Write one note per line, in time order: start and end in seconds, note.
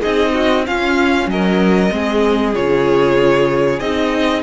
0.00 0.68 C4
0.00 0.65 D#4
0.00 0.32 G#4
0.00 0.65 D#5
0.33 0.65 F#4
0.65 1.91 C#4
0.65 1.27 C#4
0.65 1.30 F4
0.65 1.30 F5
1.27 1.90 F#3
1.27 1.94 A#4
1.27 2.55 D#5
1.91 2.55 G#3
1.91 2.54 C4
1.91 4.43 G#4
2.54 3.80 C#3
2.54 3.80 F4
2.54 3.79 C#5
3.79 4.43 C4
3.79 4.43 D#4
3.79 4.42 D#5